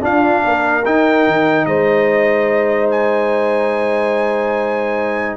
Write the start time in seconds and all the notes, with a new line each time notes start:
0.00 D4 F4 F5
0.44 A#3 A#4
0.85 D#4 G5
1.27 D#3
1.65 G#3 C5 D#5
2.91 G#5